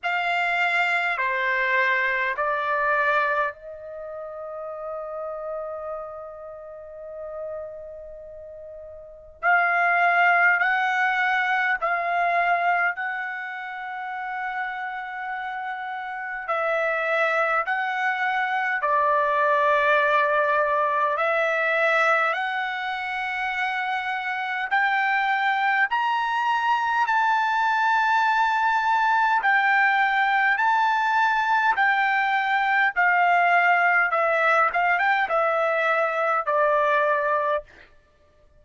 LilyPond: \new Staff \with { instrumentName = "trumpet" } { \time 4/4 \tempo 4 = 51 f''4 c''4 d''4 dis''4~ | dis''1 | f''4 fis''4 f''4 fis''4~ | fis''2 e''4 fis''4 |
d''2 e''4 fis''4~ | fis''4 g''4 ais''4 a''4~ | a''4 g''4 a''4 g''4 | f''4 e''8 f''16 g''16 e''4 d''4 | }